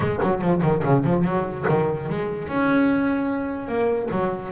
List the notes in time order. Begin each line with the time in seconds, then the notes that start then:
0.00 G#3
0.22 F#3
0.41 F3
0.62 D#3
0.84 C#3
1.04 F3
1.24 F#3
1.68 D#3
2.09 G#3
2.48 C#4
3.68 A#3
4.11 F#3